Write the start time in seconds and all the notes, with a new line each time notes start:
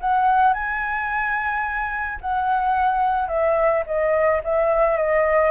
0.00 F#5
0.53 G#5
2.21 F#5
3.28 E5
3.86 D#5
4.44 E5
4.97 D#5